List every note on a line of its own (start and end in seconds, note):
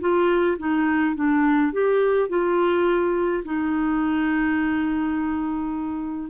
0.00 0.57 F4
0.58 1.15 D#4
1.15 1.72 D4
1.72 2.29 G4
2.29 3.43 F4
3.44 6.29 D#4